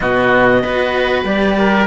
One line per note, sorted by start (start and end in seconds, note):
0.00 0.63 B2
0.00 0.63 B3
0.00 0.61 F#4
0.00 1.24 D#5
0.61 1.23 B3
0.61 1.25 F#4
0.61 1.55 B4
1.23 1.86 G3
1.23 1.87 G4
1.23 1.87 D5
1.57 1.87 A#4